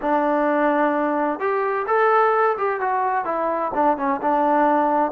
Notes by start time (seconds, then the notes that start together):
0.01 D4
1.39 G4
1.87 A4
2.57 G4
2.80 F#4
3.25 E4
3.74 D4
3.97 C#4
4.21 D4